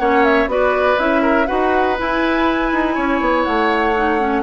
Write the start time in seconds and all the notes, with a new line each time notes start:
0.00 A#3 C#4 C#5 F#5
0.25 E5
0.47 B3 F#4 B4 D5
0.98 C#4 E4 E5
1.22 A#4
1.47 D#4 F#4 B4 F#5
1.98 E4 G#5
2.73 D#4
2.95 C#4 C#5
3.21 B3
3.44 A3 F#5
3.96 D#4
4.20 C#4